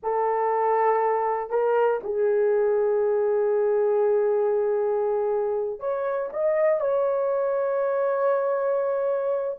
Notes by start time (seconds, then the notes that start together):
0.02 A4
1.50 A#4
2.03 G#4
5.79 C#5
6.32 D#5
6.80 C#5